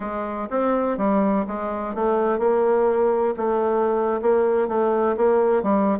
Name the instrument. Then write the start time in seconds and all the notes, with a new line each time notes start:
bassoon
0.00 G#3
0.50 C4
0.97 G3
1.47 G#3
1.95 A3
2.38 A#3
3.36 A3
4.21 A#3
4.68 A3
5.16 A#3
5.62 G3